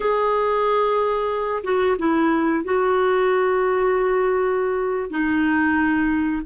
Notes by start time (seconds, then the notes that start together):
0.00 G#4
1.63 F#4
1.98 E4
2.64 F#4
5.10 D#4